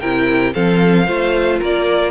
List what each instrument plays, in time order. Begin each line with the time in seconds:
0.00 cello C3, viola E4, violin A#4 G5
0.53 cello F3, viola C4, violin A4 F5
1.06 cello A3, viola F4, violin C5
1.59 cello A#3, violin A#4 D5